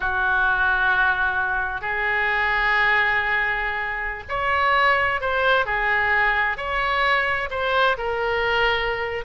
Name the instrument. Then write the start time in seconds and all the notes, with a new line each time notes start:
oboe
0.00 F#4
1.81 G#4
4.28 C#5
5.20 C5
5.65 G#4
6.57 C#5
7.50 C5
7.97 A#4